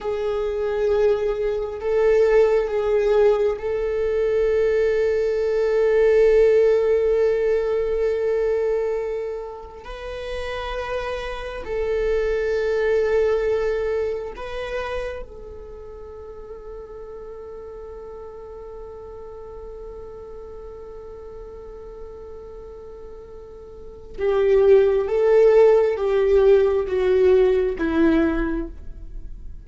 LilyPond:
\new Staff \with { instrumentName = "viola" } { \time 4/4 \tempo 4 = 67 gis'2 a'4 gis'4 | a'1~ | a'2. b'4~ | b'4 a'2. |
b'4 a'2.~ | a'1~ | a'2. g'4 | a'4 g'4 fis'4 e'4 | }